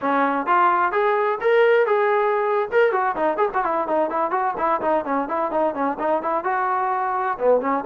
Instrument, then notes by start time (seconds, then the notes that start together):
trombone
0.01 C#4
0.46 F4
0.91 G#4
1.41 A#4
1.86 G#4
2.71 A#4
2.92 F#4
3.16 D#4
3.37 G#4
3.53 F#4
3.64 E4
3.87 D#4
4.10 E4
4.31 F#4
4.57 E4
4.81 D#4
5.05 C#4
5.28 E4
5.51 D#4
5.74 C#4
5.99 D#4
6.22 E4
6.44 F#4
7.38 B3
7.61 C#4